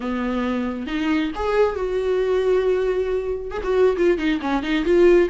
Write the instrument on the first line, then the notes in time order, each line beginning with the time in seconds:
viola
0.00 B3
0.87 D#4
1.35 G#4
1.75 F#4
3.50 G#4
3.63 F#4
3.96 F4
4.18 D#4
4.41 C#4
4.62 D#4
4.84 F4